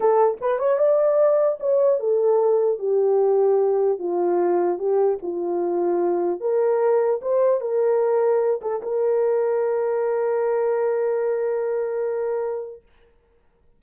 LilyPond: \new Staff \with { instrumentName = "horn" } { \time 4/4 \tempo 4 = 150 a'4 b'8 cis''8 d''2 | cis''4 a'2 g'4~ | g'2 f'2 | g'4 f'2. |
ais'2 c''4 ais'4~ | ais'4. a'8 ais'2~ | ais'1~ | ais'1 | }